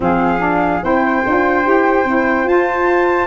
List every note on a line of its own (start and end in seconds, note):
0.00 0.82 F3
0.00 0.39 C4
0.00 0.84 G#4
0.00 0.83 F5
0.39 0.80 D4
0.81 1.24 C4
0.81 1.22 E4
0.81 3.27 C5
0.81 2.47 G5
1.26 1.65 D4
1.26 1.63 F4
1.63 2.04 E4
1.63 2.04 G4
2.04 2.44 C4
2.04 2.46 E4
2.44 3.26 F4
2.44 3.27 F4
2.44 3.27 A5